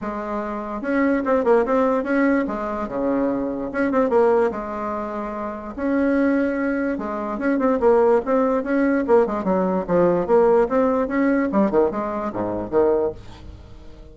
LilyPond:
\new Staff \with { instrumentName = "bassoon" } { \time 4/4 \tempo 4 = 146 gis2 cis'4 c'8 ais8 | c'4 cis'4 gis4 cis4~ | cis4 cis'8 c'8 ais4 gis4~ | gis2 cis'2~ |
cis'4 gis4 cis'8 c'8 ais4 | c'4 cis'4 ais8 gis8 fis4 | f4 ais4 c'4 cis'4 | g8 dis8 gis4 gis,4 dis4 | }